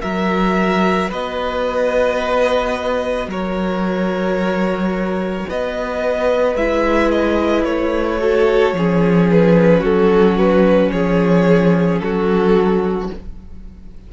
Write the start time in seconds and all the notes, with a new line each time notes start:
0.00 F#3 F#4 A#4 E5
1.09 B3 B4 D#5
3.26 F#3 A#4 C#5
5.48 B3 B4 D#5
6.55 G#3 E4 E5
7.10 D#5
7.64 A3 C#5
8.19 F#4 A4
8.72 F3 C#4 G#4
9.30 B4
9.80 F#3 F#4 A4
10.37 B4
10.91 F3 G#4 C#5
11.98 F#3 F#4 A4